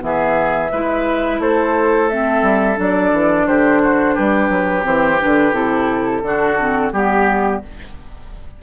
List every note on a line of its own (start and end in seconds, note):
0.00 0.71 E3
0.00 0.69 B3
0.00 0.72 G#4
0.00 1.42 E5
0.72 1.39 G#3
0.72 2.10 E4
0.72 1.41 B4
1.39 2.42 A3
1.39 3.47 A4
1.39 2.09 C5
2.09 2.76 C4
2.09 2.78 E5
2.42 2.77 G3
2.76 3.12 F#3
2.76 4.82 D4
2.76 3.47 D5
3.12 3.47 E3
3.47 4.16 D3
3.47 3.82 G4
3.47 4.16 C5
3.83 4.15 F#4
4.15 4.50 G3
4.15 6.22 G4
4.15 4.85 B4
4.50 4.84 F#3
4.82 5.20 E3
4.82 5.17 C4
4.82 5.21 C5
5.20 5.52 D3
5.20 5.53 D4
5.20 5.54 B4
5.52 6.21 C3
5.52 6.22 E4
5.52 6.92 A4
6.23 6.92 D3
6.23 6.58 D4
6.23 6.93 F#4
6.59 6.93 C4
6.93 7.62 G3
6.93 7.62 B3
6.93 7.62 G4